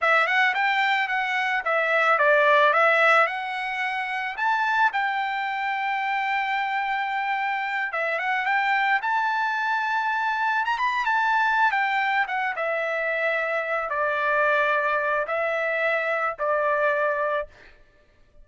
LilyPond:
\new Staff \with { instrumentName = "trumpet" } { \time 4/4 \tempo 4 = 110 e''8 fis''8 g''4 fis''4 e''4 | d''4 e''4 fis''2 | a''4 g''2.~ | g''2~ g''8 e''8 fis''8 g''8~ |
g''8 a''2. ais''16 b''16~ | b''16 a''4~ a''16 g''4 fis''8 e''4~ | e''4. d''2~ d''8 | e''2 d''2 | }